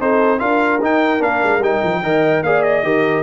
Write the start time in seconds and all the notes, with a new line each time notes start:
0.00 C4 D#4 A4 C5
0.39 D4 F4 A#4 F5
0.81 D#4 G5
1.19 A#3 D4 F5
1.43 G#3
1.59 G3 D#4 G5
1.83 F3
2.02 D#3 A#4 D#5
2.42 A#3 G#4 D5 F5
2.62 D#5
2.83 D#3 G4 A#4